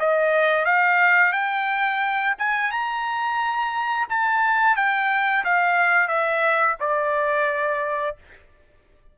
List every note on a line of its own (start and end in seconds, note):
0.00 0.66 D#5
0.66 1.33 F5
1.33 2.35 G5
2.39 2.71 G#5
2.71 4.08 A#5
4.09 4.76 A5
4.76 5.45 G5
5.45 6.08 F5
6.08 6.77 E5
6.81 8.17 D5